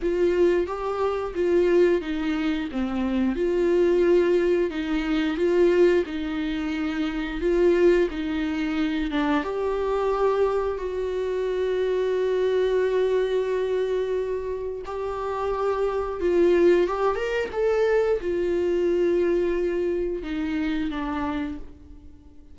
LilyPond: \new Staff \with { instrumentName = "viola" } { \time 4/4 \tempo 4 = 89 f'4 g'4 f'4 dis'4 | c'4 f'2 dis'4 | f'4 dis'2 f'4 | dis'4. d'8 g'2 |
fis'1~ | fis'2 g'2 | f'4 g'8 ais'8 a'4 f'4~ | f'2 dis'4 d'4 | }